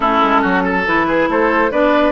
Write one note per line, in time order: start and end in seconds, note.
0.00 0.21 A3
0.00 0.84 C#4
0.00 0.41 E4
0.00 0.85 A4
0.22 0.43 G#3
0.41 0.86 F#3
0.41 0.63 F#4
0.63 1.06 A4
0.86 1.28 E3
0.86 1.71 E4
0.86 1.29 B4
1.07 1.28 G#4
1.28 1.71 A3
1.28 1.71 A4
1.28 1.71 C5
1.71 2.11 B3
1.71 2.11 D4
1.71 2.11 B4
1.71 2.11 D5